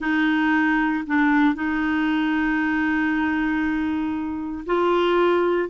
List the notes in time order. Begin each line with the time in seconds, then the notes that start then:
0.00 D#4
1.07 D4
1.54 D#4
4.66 F4